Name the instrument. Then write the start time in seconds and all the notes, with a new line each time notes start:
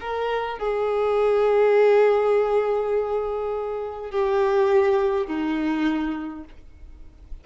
violin
0.00 A#4
0.58 G#4
4.11 G4
5.27 D#4